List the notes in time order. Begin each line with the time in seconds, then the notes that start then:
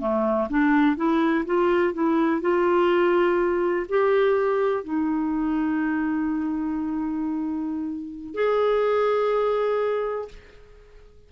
0.00 A3
0.50 D4
0.97 E4
1.46 F4
1.94 E4
2.42 F4
3.89 G4
4.84 D#4
8.35 G#4